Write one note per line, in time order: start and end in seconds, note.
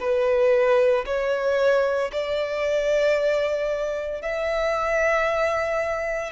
0.00 1.05 B4
1.06 2.11 C#5
2.12 4.22 D5
4.22 6.32 E5